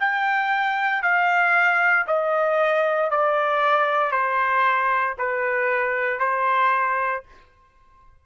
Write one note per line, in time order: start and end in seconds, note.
0.00 1.03 G5
1.03 2.06 F5
2.07 3.11 D#5
3.11 4.11 D5
4.11 5.15 C5
5.19 6.20 B4
6.20 7.23 C5